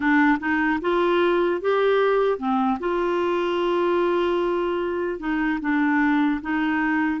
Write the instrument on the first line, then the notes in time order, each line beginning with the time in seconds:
clarinet
0.00 D4
0.39 D#4
0.81 F4
1.61 G4
2.38 C4
2.79 F4
5.19 D#4
5.60 D4
6.41 D#4